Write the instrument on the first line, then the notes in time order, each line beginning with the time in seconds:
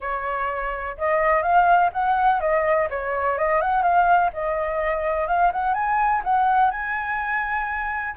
flute
0.00 C#5
0.97 D#5
1.42 F5
1.92 F#5
2.40 D#5
2.90 C#5
3.37 D#5
3.61 F#5
3.82 F5
4.33 D#5
5.27 F5
5.52 F#5
5.74 G#5
6.24 F#5
6.71 G#5